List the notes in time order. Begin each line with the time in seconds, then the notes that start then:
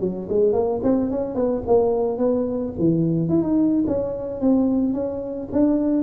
0.00 F#3
0.29 G#3
0.53 A#3
0.84 C4
1.11 C#4
1.35 B3
1.67 A#3
2.18 B3
2.79 E3
3.29 E4
3.43 D#4
3.88 C#4
4.41 C4
4.94 C#4
5.52 D4